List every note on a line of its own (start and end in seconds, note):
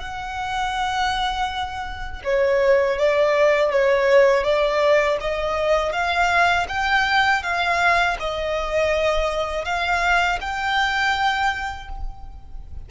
0.00 2.22 F#5
2.24 2.98 C#5
2.98 3.71 D5
3.71 4.44 C#5
4.44 5.18 D5
5.21 5.93 D#5
5.93 6.67 F5
6.69 7.43 G5
7.43 8.17 F5
8.20 9.65 D#5
9.65 10.39 F5
10.41 11.89 G5